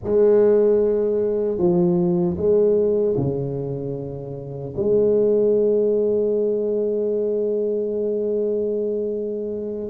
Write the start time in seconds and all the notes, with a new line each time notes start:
0.03 G#3
1.58 F3
2.37 G#3
3.16 C#3
4.76 G#3